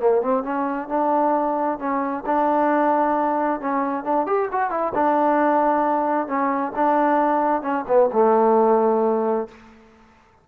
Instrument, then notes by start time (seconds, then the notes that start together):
trombone
0.00 A#3
0.22 C4
0.43 C#4
0.89 D4
1.79 C#4
2.26 D4
3.61 C#4
4.04 D4
4.27 G4
4.52 F#4
4.71 E4
4.94 D4
6.27 C#4
6.76 D4
7.62 C#4
7.88 B3
8.13 A3